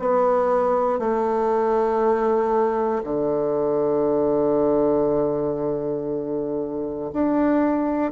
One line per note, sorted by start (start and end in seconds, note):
0.00 0.99 B3
0.99 3.03 A3
3.04 7.11 D3
7.13 8.12 D4